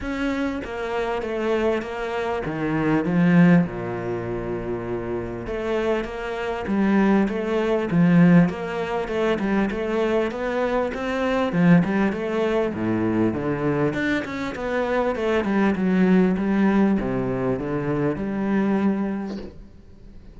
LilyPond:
\new Staff \with { instrumentName = "cello" } { \time 4/4 \tempo 4 = 99 cis'4 ais4 a4 ais4 | dis4 f4 ais,2~ | ais,4 a4 ais4 g4 | a4 f4 ais4 a8 g8 |
a4 b4 c'4 f8 g8 | a4 a,4 d4 d'8 cis'8 | b4 a8 g8 fis4 g4 | c4 d4 g2 | }